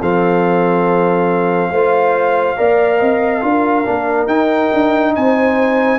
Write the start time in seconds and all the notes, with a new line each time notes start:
0.00 F3 C4 A4 F5
1.70 A3 F4 C5
2.57 A#3 A#4 D5
2.99 C4 D#5
3.41 D4 F4 A#4
3.86 A#3 D4
4.26 D#4 G5
4.73 D4
5.15 C4 C5 G#5